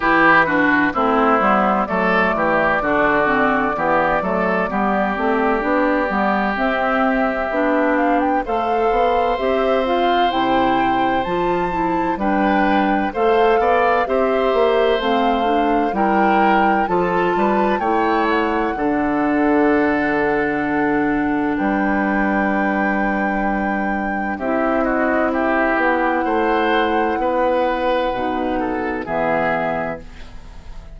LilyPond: <<
  \new Staff \with { instrumentName = "flute" } { \time 4/4 \tempo 4 = 64 b'4 c''4 d''2~ | d''2. e''4~ | e''8 f''16 g''16 f''4 e''8 f''8 g''4 | a''4 g''4 f''4 e''4 |
f''4 g''4 a''4 g''8 fis''8~ | fis''2. g''4~ | g''2 e''8 dis''8 e''8 fis''8~ | fis''2. e''4 | }
  \new Staff \with { instrumentName = "oboe" } { \time 4/4 g'8 fis'8 e'4 a'8 g'8 fis'4 | g'8 a'8 g'2.~ | g'4 c''2.~ | c''4 b'4 c''8 d''8 c''4~ |
c''4 ais'4 a'8 b'8 cis''4 | a'2. b'4~ | b'2 g'8 fis'8 g'4 | c''4 b'4. a'8 gis'4 | }
  \new Staff \with { instrumentName = "clarinet" } { \time 4/4 e'8 d'8 c'8 b8 a4 d'8 c'8 | b8 a8 b8 c'8 d'8 b8 c'4 | d'4 a'4 g'8 f'8 e'4 | f'8 e'8 d'4 a'4 g'4 |
c'8 d'8 e'4 f'4 e'4 | d'1~ | d'2 e'2~ | e'2 dis'4 b4 | }
  \new Staff \with { instrumentName = "bassoon" } { \time 4/4 e4 a8 g8 fis8 e8 d4 | e8 fis8 g8 a8 b8 g8 c'4 | b4 a8 b8 c'4 c4 | f4 g4 a8 b8 c'8 ais8 |
a4 g4 f8 g8 a4 | d2. g4~ | g2 c'4. b8 | a4 b4 b,4 e4 | }
>>